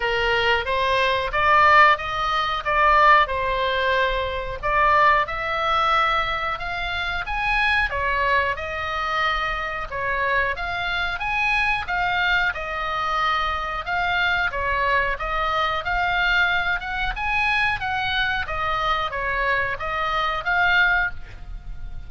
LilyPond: \new Staff \with { instrumentName = "oboe" } { \time 4/4 \tempo 4 = 91 ais'4 c''4 d''4 dis''4 | d''4 c''2 d''4 | e''2 f''4 gis''4 | cis''4 dis''2 cis''4 |
f''4 gis''4 f''4 dis''4~ | dis''4 f''4 cis''4 dis''4 | f''4. fis''8 gis''4 fis''4 | dis''4 cis''4 dis''4 f''4 | }